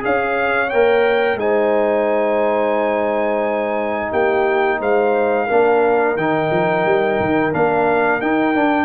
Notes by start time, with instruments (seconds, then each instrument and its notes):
0.00 tuba C#4, trombone G#4, horn C#5, trumpet F5
0.70 tuba A#3, trombone A#4, trumpet G5
1.35 tuba G#3, trombone D#4, horn C5, trumpet G#5
4.11 tuba A#3, horn G4, trumpet G5
4.80 tuba G#3, horn C5, trumpet F5
5.47 tuba A#3, trombone D4, horn A#4
6.16 tuba D#3, trombone D#4, trumpet G5
6.51 tuba F3
6.86 tuba G3
7.21 tuba D#3
7.52 tuba A#3, trombone D4, trumpet F5
8.21 tuba D#4, trombone D#4, trumpet G5
8.56 tuba D4, trombone D4